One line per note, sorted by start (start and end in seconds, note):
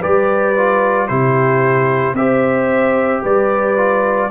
0.00 1.10 G3
0.00 0.56 G4
0.00 1.07 B4
0.00 1.08 D5
0.57 1.09 F4
1.08 2.14 C3
1.08 2.16 E4
1.08 2.17 G4
1.08 2.15 C5
2.14 3.21 C4
2.14 3.77 G4
2.14 3.23 C5
2.14 3.23 E5
3.23 4.31 G3
3.23 4.30 B4
3.23 4.31 D5
3.77 4.31 F4